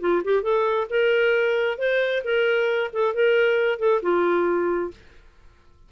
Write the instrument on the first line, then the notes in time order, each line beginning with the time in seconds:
clarinet
0.00 F4
0.24 G4
0.43 A4
0.89 A#4
1.78 C5
2.24 A#4
2.93 A4
3.14 A#4
3.79 A4
4.02 F4